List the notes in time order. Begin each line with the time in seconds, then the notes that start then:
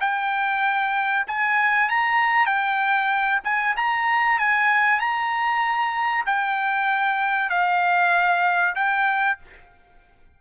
0.00 G5
1.27 G#5
1.89 A#5
2.46 G5
3.44 G#5
3.76 A#5
4.38 G#5
4.99 A#5
6.26 G5
7.49 F5
8.75 G5